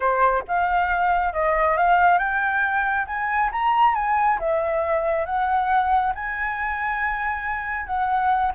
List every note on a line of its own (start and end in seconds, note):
0.00 0.43 C5
0.47 1.33 F5
1.33 1.77 D#5
1.77 2.18 F5
2.18 3.06 G5
3.06 3.50 G#5
3.52 3.94 A#5
3.94 4.38 G#5
4.39 5.25 E5
5.25 6.13 F#5
6.14 7.86 G#5
7.86 8.52 F#5